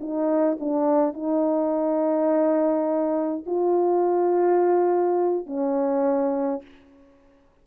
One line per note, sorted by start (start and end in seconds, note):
0.00 0.58 D#4
0.60 1.13 D4
1.13 3.44 D#4
3.46 5.46 F4
5.46 6.62 C#4